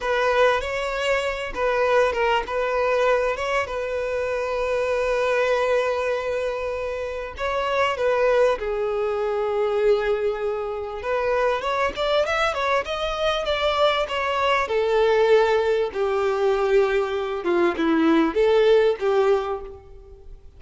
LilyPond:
\new Staff \with { instrumentName = "violin" } { \time 4/4 \tempo 4 = 98 b'4 cis''4. b'4 ais'8 | b'4. cis''8 b'2~ | b'1 | cis''4 b'4 gis'2~ |
gis'2 b'4 cis''8 d''8 | e''8 cis''8 dis''4 d''4 cis''4 | a'2 g'2~ | g'8 f'8 e'4 a'4 g'4 | }